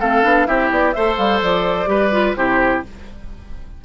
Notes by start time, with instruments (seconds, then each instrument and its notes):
0.00 bassoon A3, clarinet C4, oboe A4, flute F5
0.23 bassoon B3, clarinet D4
0.46 bassoon C4, clarinet E4, oboe G4, flute E5
0.70 bassoon B3, flute D5
0.93 bassoon A3, clarinet A4, oboe C5, flute E5
1.17 bassoon G3, flute F5
1.41 bassoon F3, flute D5
1.87 bassoon G3, clarinet G4, oboe B4
2.12 clarinet F4
2.36 bassoon C3, clarinet E4, oboe G4, flute C5